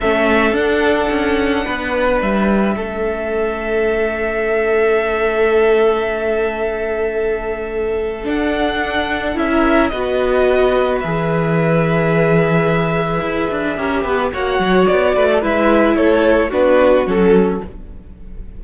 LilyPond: <<
  \new Staff \with { instrumentName = "violin" } { \time 4/4 \tempo 4 = 109 e''4 fis''2. | e''1~ | e''1~ | e''2. fis''4~ |
fis''4 e''4 dis''2 | e''1~ | e''2 fis''4 d''4 | e''4 cis''4 b'4 a'4 | }
  \new Staff \with { instrumentName = "violin" } { \time 4/4 a'2. b'4~ | b'4 a'2.~ | a'1~ | a'1~ |
a'4~ a'16 ais'8. b'2~ | b'1~ | b'4 ais'8 b'8 cis''4. b'16 a'16 | b'4 a'4 fis'2 | }
  \new Staff \with { instrumentName = "viola" } { \time 4/4 cis'4 d'2.~ | d'4 cis'2.~ | cis'1~ | cis'2. d'4~ |
d'4 e'4 fis'2 | gis'1~ | gis'4 g'4 fis'2 | e'2 d'4 cis'4 | }
  \new Staff \with { instrumentName = "cello" } { \time 4/4 a4 d'4 cis'4 b4 | g4 a2.~ | a1~ | a2. d'4~ |
d'4 cis'4 b2 | e1 | e'8 d'8 cis'8 b8 ais8 fis8 b8 a8 | gis4 a4 b4 fis4 | }
>>